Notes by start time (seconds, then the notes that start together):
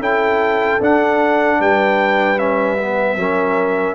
0.00 C#4 E4 A4 G5
0.81 D4 F#5
1.60 G3 B4 G5
2.38 C#4 E5
2.78 B3
3.17 F#3 C#4 A#4